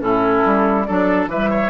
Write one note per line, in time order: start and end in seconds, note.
0.00 0.43 A2
0.00 0.86 C#4
0.00 0.87 E4
0.00 0.84 A4
0.46 0.88 G3
0.84 1.27 F#3
0.84 1.31 D4
0.84 1.30 A4
0.84 1.27 D5
1.27 1.70 E3
1.27 1.70 G3
1.27 1.50 B4
1.27 1.70 E5
1.50 1.70 C#5